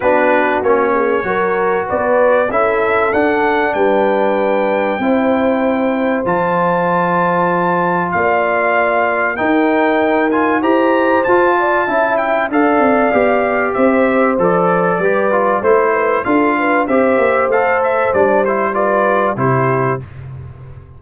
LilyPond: <<
  \new Staff \with { instrumentName = "trumpet" } { \time 4/4 \tempo 4 = 96 b'4 cis''2 d''4 | e''4 fis''4 g''2~ | g''2 a''2~ | a''4 f''2 g''4~ |
g''8 gis''8 ais''4 a''4. g''8 | f''2 e''4 d''4~ | d''4 c''4 f''4 e''4 | f''8 e''8 d''8 c''8 d''4 c''4 | }
  \new Staff \with { instrumentName = "horn" } { \time 4/4 fis'4. gis'8 ais'4 b'4 | a'2 b'2 | c''1~ | c''4 d''2 ais'4~ |
ais'4 c''4. d''8 e''4 | d''2 c''2 | b'4 c''8 b'8 a'8 b'8 c''4~ | c''2 b'4 g'4 | }
  \new Staff \with { instrumentName = "trombone" } { \time 4/4 d'4 cis'4 fis'2 | e'4 d'2. | e'2 f'2~ | f'2. dis'4~ |
dis'8 f'8 g'4 f'4 e'4 | a'4 g'2 a'4 | g'8 f'8 e'4 f'4 g'4 | a'4 d'8 e'8 f'4 e'4 | }
  \new Staff \with { instrumentName = "tuba" } { \time 4/4 b4 ais4 fis4 b4 | cis'4 d'4 g2 | c'2 f2~ | f4 ais2 dis'4~ |
dis'4 e'4 f'4 cis'4 | d'8 c'8 b4 c'4 f4 | g4 a4 d'4 c'8 ais8 | a4 g2 c4 | }
>>